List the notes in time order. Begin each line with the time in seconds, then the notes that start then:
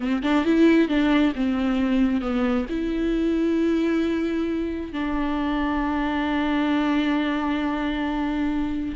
0.00 C4
0.22 D4
0.45 E4
0.88 D4
1.35 C4
2.21 B3
2.69 E4
4.92 D4